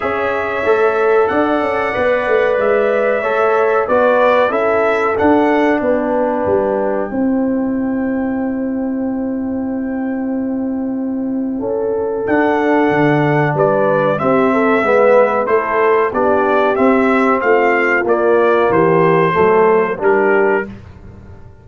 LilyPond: <<
  \new Staff \with { instrumentName = "trumpet" } { \time 4/4 \tempo 4 = 93 e''2 fis''2 | e''2 d''4 e''4 | fis''4 g''2.~ | g''1~ |
g''2. fis''4~ | fis''4 d''4 e''2 | c''4 d''4 e''4 f''4 | d''4 c''2 ais'4 | }
  \new Staff \with { instrumentName = "horn" } { \time 4/4 cis''2 d''2~ | d''4 cis''4 b'4 a'4~ | a'4 b'2 c''4~ | c''1~ |
c''2 a'2~ | a'4 b'4 g'8 a'8 b'4 | a'4 g'2 f'4~ | f'4 g'4 a'4 g'4 | }
  \new Staff \with { instrumentName = "trombone" } { \time 4/4 gis'4 a'2 b'4~ | b'4 a'4 fis'4 e'4 | d'2. e'4~ | e'1~ |
e'2. d'4~ | d'2 c'4 b4 | e'4 d'4 c'2 | ais2 a4 d'4 | }
  \new Staff \with { instrumentName = "tuba" } { \time 4/4 cis'4 a4 d'8 cis'8 b8 a8 | gis4 a4 b4 cis'4 | d'4 b4 g4 c'4~ | c'1~ |
c'2 cis'4 d'4 | d4 g4 c'4 gis4 | a4 b4 c'4 a4 | ais4 e4 fis4 g4 | }
>>